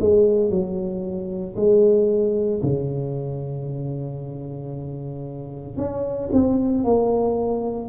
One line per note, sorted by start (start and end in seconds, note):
0.00 0.50 G#3
0.50 1.55 F#3
1.56 2.61 G#3
2.63 5.77 C#3
5.77 6.30 C#4
6.33 6.84 C4
6.84 7.89 A#3